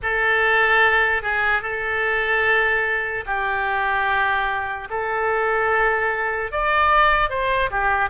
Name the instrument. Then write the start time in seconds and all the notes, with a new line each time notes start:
oboe
0.02 A4
1.22 G#4
1.62 A4
3.26 G4
4.89 A4
6.51 D5
7.29 C5
7.70 G4